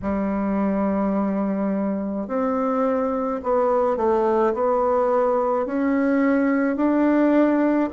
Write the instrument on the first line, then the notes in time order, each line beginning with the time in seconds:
bassoon
0.02 G3
2.27 C4
3.43 B3
3.96 A3
4.53 B3
5.66 C#4
6.76 D4